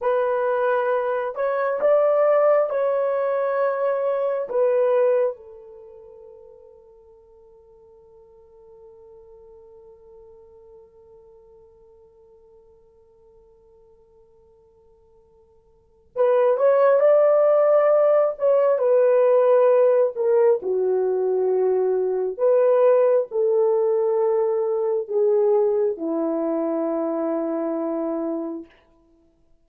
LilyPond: \new Staff \with { instrumentName = "horn" } { \time 4/4 \tempo 4 = 67 b'4. cis''8 d''4 cis''4~ | cis''4 b'4 a'2~ | a'1~ | a'1~ |
a'2 b'8 cis''8 d''4~ | d''8 cis''8 b'4. ais'8 fis'4~ | fis'4 b'4 a'2 | gis'4 e'2. | }